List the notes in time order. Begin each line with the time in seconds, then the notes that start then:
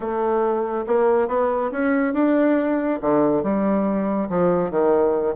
0.00 A3
0.86 A#3
1.28 B3
1.71 C#4
2.13 D4
3.01 D3
3.43 G3
4.29 F3
4.70 D#3